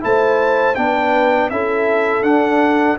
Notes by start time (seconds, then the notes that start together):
0.00 A3 E4 C5 A5
0.75 B3 D4 B4 G5
1.50 C#4 E4 A4 E5
2.23 D4 F#5